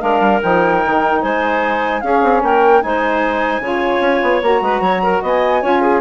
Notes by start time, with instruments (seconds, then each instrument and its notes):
0.00 bassoon G#3, saxophone D4, clarinet A#4, flute F5
0.20 bassoon G3
0.41 bassoon F3, saxophone D#4, flute G5
0.86 bassoon D#3
1.22 bassoon G#3, clarinet C5, flute G#5
2.01 bassoon C#4, saxophone C#4, clarinet G#4, flute F5
2.23 bassoon C4
2.43 bassoon A#3, clarinet A#4, flute G5
2.81 bassoon G#3, saxophone D#4, clarinet C5, flute G#5
3.60 bassoon C#3, saxophone F4, clarinet C#5
4.00 bassoon C#4
4.23 bassoon B3
4.42 bassoon A#3, saxophone F#4, flute A#5
4.61 bassoon G#3, clarinet B4
4.81 bassoon F#3, clarinet C#5
5.03 clarinet A#4
5.22 bassoon B3, clarinet D#5, flute G#5
5.62 bassoon C#4, saxophone F4, clarinet C#5
5.81 clarinet G#4